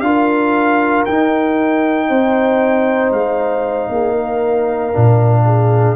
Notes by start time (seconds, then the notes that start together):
0.00 D4 F4 A#4 F5
1.05 D#4 G5
2.08 C4 C5
3.11 G#3 F5
3.89 A#3 G#4
4.12 A#4
4.93 A#2 D4
5.45 G#4